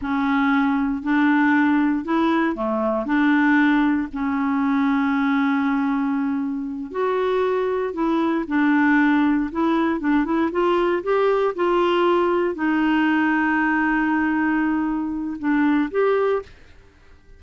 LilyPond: \new Staff \with { instrumentName = "clarinet" } { \time 4/4 \tempo 4 = 117 cis'2 d'2 | e'4 a4 d'2 | cis'1~ | cis'4. fis'2 e'8~ |
e'8 d'2 e'4 d'8 | e'8 f'4 g'4 f'4.~ | f'8 dis'2.~ dis'8~ | dis'2 d'4 g'4 | }